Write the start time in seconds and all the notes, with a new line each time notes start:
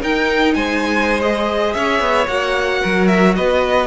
0.00 D#4 A#4 G5
0.54 G#3 C5 G#5
1.20 G#4 D#5
1.73 C#4 C#5 E5
2.00 B3
2.28 A#3 F#4 F#5
2.81 F#3 A#4
3.07 E5
3.36 B3 B4 D#5